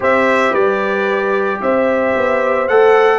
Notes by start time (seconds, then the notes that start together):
0.00 C4 G4 C5 E5
0.52 G3 B4 D5
1.61 C4 C5 E5
2.16 B3
2.68 A3 A4 F#5